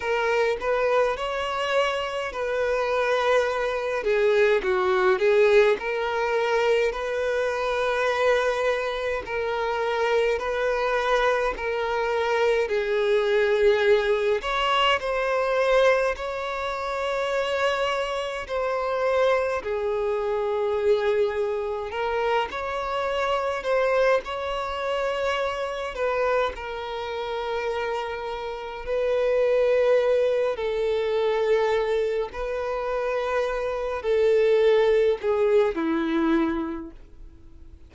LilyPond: \new Staff \with { instrumentName = "violin" } { \time 4/4 \tempo 4 = 52 ais'8 b'8 cis''4 b'4. gis'8 | fis'8 gis'8 ais'4 b'2 | ais'4 b'4 ais'4 gis'4~ | gis'8 cis''8 c''4 cis''2 |
c''4 gis'2 ais'8 cis''8~ | cis''8 c''8 cis''4. b'8 ais'4~ | ais'4 b'4. a'4. | b'4. a'4 gis'8 e'4 | }